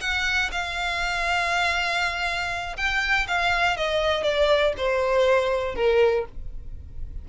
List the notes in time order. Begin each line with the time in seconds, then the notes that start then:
0.00 F#5
0.51 F5
2.77 G5
3.27 F5
3.77 D#5
4.23 D5
4.77 C5
5.75 A#4